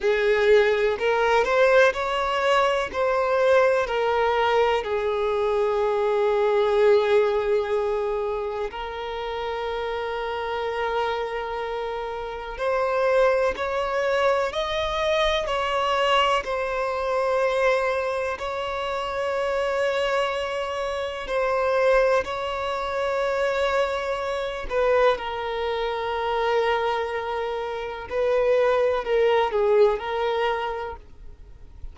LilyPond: \new Staff \with { instrumentName = "violin" } { \time 4/4 \tempo 4 = 62 gis'4 ais'8 c''8 cis''4 c''4 | ais'4 gis'2.~ | gis'4 ais'2.~ | ais'4 c''4 cis''4 dis''4 |
cis''4 c''2 cis''4~ | cis''2 c''4 cis''4~ | cis''4. b'8 ais'2~ | ais'4 b'4 ais'8 gis'8 ais'4 | }